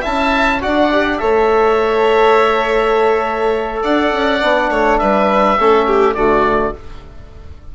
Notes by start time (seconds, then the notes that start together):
0.00 C#4 E4 E5 A5
0.60 D4 F#4 D5 F#5
0.91 G4
1.17 A3 A4 C#5 E5
3.82 D4 D5 F#5
4.12 C#4
4.41 B3 D4
4.69 A3 C#5
4.98 G3 B4 E5
5.58 A3 C#4 A4
5.87 G4
6.14 D3 A3 F#4 D5